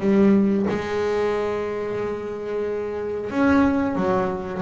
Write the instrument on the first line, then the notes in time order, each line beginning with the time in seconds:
double bass
0.00 G3
0.69 G#3
3.30 C#4
3.95 F#3